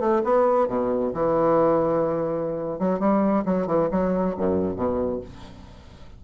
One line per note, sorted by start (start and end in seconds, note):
0.00 0.22 A3
0.24 0.68 B3
0.68 1.12 B2
1.14 2.79 E3
2.79 3.00 F#3
3.00 3.44 G3
3.45 3.67 F#3
3.67 3.89 E3
3.91 4.36 F#3
4.37 4.76 F#2
4.76 5.21 B2